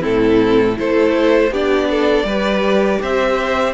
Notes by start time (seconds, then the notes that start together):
0.00 A2 C4 E4 A4
0.76 A3 E4 A4 C5
1.51 B3 D4 G4 D5
1.90 A4
2.24 G3 G4 B4
3.02 C4 C5 E5